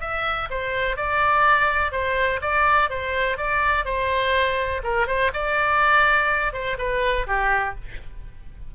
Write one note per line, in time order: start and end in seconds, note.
0.00 0.48 E5
0.50 0.97 C5
0.97 1.92 D5
1.92 2.40 C5
2.41 2.90 D5
2.90 3.37 C5
3.37 3.85 D5
3.85 4.82 C5
4.83 5.07 A#4
5.07 5.31 C5
5.34 6.53 D5
6.53 6.77 C5
6.78 7.27 B4
7.27 7.75 G4